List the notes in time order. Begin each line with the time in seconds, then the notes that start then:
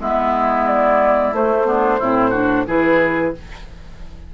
0.00 G#3 B3 E4 E5
0.67 D5
1.32 A3 C5
1.65 B3 D4
2.00 A2 C4 E4
2.30 D4 F#4
2.67 E3 E4 G#4 B4